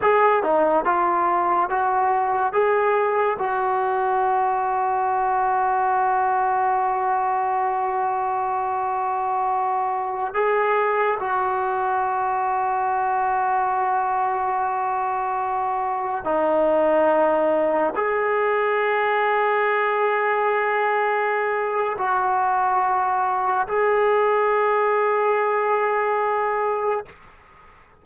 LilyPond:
\new Staff \with { instrumentName = "trombone" } { \time 4/4 \tempo 4 = 71 gis'8 dis'8 f'4 fis'4 gis'4 | fis'1~ | fis'1~ | fis'16 gis'4 fis'2~ fis'8.~ |
fis'2.~ fis'16 dis'8.~ | dis'4~ dis'16 gis'2~ gis'8.~ | gis'2 fis'2 | gis'1 | }